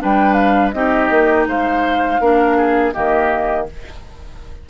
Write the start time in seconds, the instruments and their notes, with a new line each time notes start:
0.00 bassoon G3, clarinet D4, oboe B4, flute G5
0.33 flute F5
0.71 bassoon C4, clarinet D#4, oboe G4, flute D#5
1.10 bassoon A#3
1.46 bassoon G#3, oboe C5, flute F5
2.19 bassoon A#3, clarinet D4, oboe A#4
2.57 oboe G#4
2.93 bassoon D#3, clarinet A#3, oboe G4, flute D#5